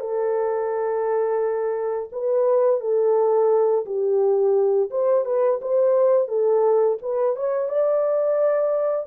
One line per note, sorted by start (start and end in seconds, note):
0.00 2.09 A4
2.12 2.80 B4
2.80 3.85 A4
3.85 4.90 G4
4.90 5.25 C5
5.25 5.60 B4
5.61 6.28 C5
6.28 6.98 A4
7.02 7.36 B4
7.36 7.68 C#5
7.68 9.06 D5